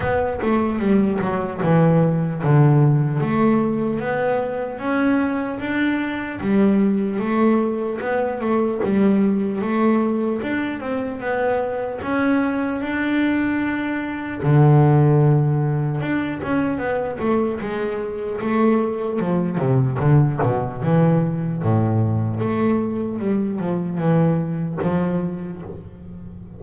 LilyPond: \new Staff \with { instrumentName = "double bass" } { \time 4/4 \tempo 4 = 75 b8 a8 g8 fis8 e4 d4 | a4 b4 cis'4 d'4 | g4 a4 b8 a8 g4 | a4 d'8 c'8 b4 cis'4 |
d'2 d2 | d'8 cis'8 b8 a8 gis4 a4 | f8 c8 d8 b,8 e4 a,4 | a4 g8 f8 e4 f4 | }